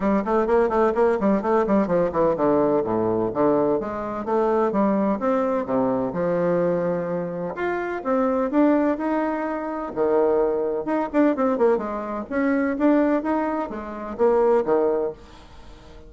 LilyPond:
\new Staff \with { instrumentName = "bassoon" } { \time 4/4 \tempo 4 = 127 g8 a8 ais8 a8 ais8 g8 a8 g8 | f8 e8 d4 a,4 d4 | gis4 a4 g4 c'4 | c4 f2. |
f'4 c'4 d'4 dis'4~ | dis'4 dis2 dis'8 d'8 | c'8 ais8 gis4 cis'4 d'4 | dis'4 gis4 ais4 dis4 | }